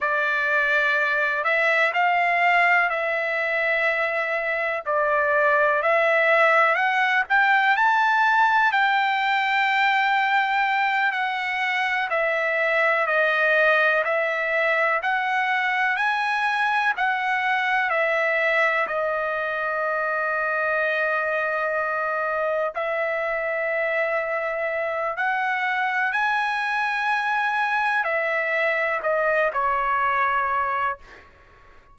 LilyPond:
\new Staff \with { instrumentName = "trumpet" } { \time 4/4 \tempo 4 = 62 d''4. e''8 f''4 e''4~ | e''4 d''4 e''4 fis''8 g''8 | a''4 g''2~ g''8 fis''8~ | fis''8 e''4 dis''4 e''4 fis''8~ |
fis''8 gis''4 fis''4 e''4 dis''8~ | dis''2.~ dis''8 e''8~ | e''2 fis''4 gis''4~ | gis''4 e''4 dis''8 cis''4. | }